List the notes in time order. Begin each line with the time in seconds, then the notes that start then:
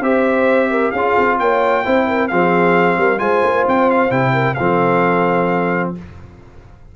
0.00 C4 G4 C5 E5
0.70 A#4
0.91 C#4 F4 G#4 F5
1.18 C4
1.39 A#3 C#5 G5
1.84 C4 E4 C5
2.07 A#4
2.27 F3 C4 G#4 F5
2.97 G3 A#4
3.18 G#3 F4 C5 G#5
3.43 A#3
3.67 C4 G5
3.90 F5
4.10 C3 E4 G5
4.33 A#4
4.54 F3 C4 A4 F5